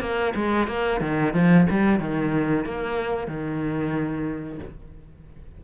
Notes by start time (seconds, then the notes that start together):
0.00 A#3
0.35 G#3
0.67 A#3
1.00 D#3
1.33 F3
1.70 G3
2.00 D#3
2.65 A#3
3.27 D#3